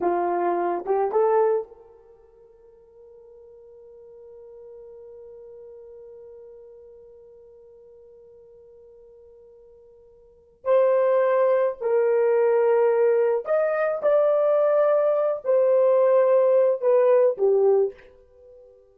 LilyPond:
\new Staff \with { instrumentName = "horn" } { \time 4/4 \tempo 4 = 107 f'4. g'8 a'4 ais'4~ | ais'1~ | ais'1~ | ais'1~ |
ais'2. c''4~ | c''4 ais'2. | dis''4 d''2~ d''8 c''8~ | c''2 b'4 g'4 | }